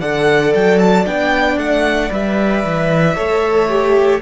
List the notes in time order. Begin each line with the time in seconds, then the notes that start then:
0.00 D3 A4 D5 F#5
0.54 F#3 G5
0.79 A5
1.05 B3 D4 G5
1.57 A3 F#5
2.09 G3 B4 E5
2.63 E3
3.15 A3 A4 C#5
3.68 G4